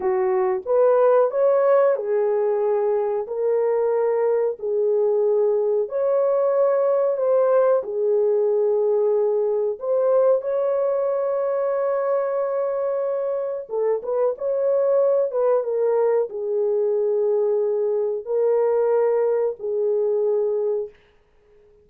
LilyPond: \new Staff \with { instrumentName = "horn" } { \time 4/4 \tempo 4 = 92 fis'4 b'4 cis''4 gis'4~ | gis'4 ais'2 gis'4~ | gis'4 cis''2 c''4 | gis'2. c''4 |
cis''1~ | cis''4 a'8 b'8 cis''4. b'8 | ais'4 gis'2. | ais'2 gis'2 | }